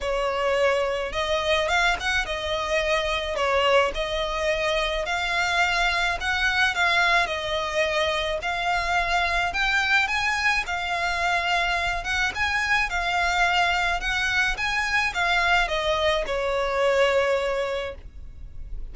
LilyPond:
\new Staff \with { instrumentName = "violin" } { \time 4/4 \tempo 4 = 107 cis''2 dis''4 f''8 fis''8 | dis''2 cis''4 dis''4~ | dis''4 f''2 fis''4 | f''4 dis''2 f''4~ |
f''4 g''4 gis''4 f''4~ | f''4. fis''8 gis''4 f''4~ | f''4 fis''4 gis''4 f''4 | dis''4 cis''2. | }